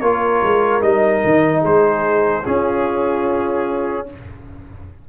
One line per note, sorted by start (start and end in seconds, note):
0.00 0.42 A#3
0.00 0.81 F4
0.00 1.61 A#4
0.00 0.81 C#5
0.42 0.82 G#3
0.81 1.22 G3
0.81 2.43 D#4
0.81 1.62 D#5
1.24 1.64 D#3
1.61 2.45 G#3
1.61 2.42 G#4
1.61 2.45 C5
2.42 4.06 C#4
2.42 4.08 C#4
2.42 4.04 F4
2.42 4.07 G#4